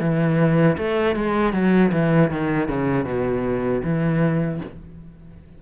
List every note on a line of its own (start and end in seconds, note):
0.00 0.77 E3
0.78 1.16 A3
1.16 1.53 G#3
1.53 1.91 F#3
1.92 2.30 E3
2.30 2.68 D#3
2.68 3.05 C#3
3.05 3.81 B2
3.84 4.60 E3